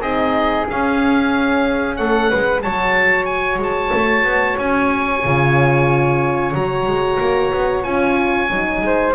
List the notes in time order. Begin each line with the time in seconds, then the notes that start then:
0.00 C4 D#4 G#4 D#5
0.69 C#4 F5
1.96 A3 A4 F#5
2.29 G#3 B4
2.62 F#3 F#4 C#5 A5
3.25 G#5
3.58 G#3 A5
3.94 A3
4.23 B3
4.58 C#4 G#5
5.24 C#3 F4
6.53 F#3 F#4 A#5
6.85 G#3
7.20 A#3
7.53 B3
7.83 C#4 F4 G#5
8.49 F#3 D#4
8.81 G#3 C5